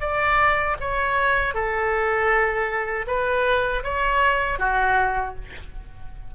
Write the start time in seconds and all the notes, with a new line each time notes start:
0.00 D5
0.80 C#5
1.54 A4
3.07 B4
3.84 C#5
4.59 F#4